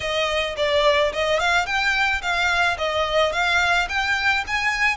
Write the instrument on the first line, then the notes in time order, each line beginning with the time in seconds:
violin
0.00 D#5
0.56 D5
1.12 D#5
1.39 F5
1.66 G5
2.21 F5
2.78 D#5
3.32 F5
3.88 G5
4.47 G#5